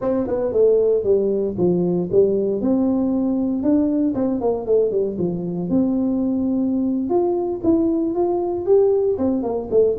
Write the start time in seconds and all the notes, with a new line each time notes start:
0.01 C4
0.27 B3
0.52 A3
1.03 G3
1.57 F3
2.11 G3
2.61 C4
3.62 D4
4.14 C4
4.40 A#3
4.66 A3
4.91 G3
5.18 F3
5.69 C4
7.09 F4
7.63 E4
8.14 F4
8.66 G4
9.18 C4
9.42 A#3
9.71 A3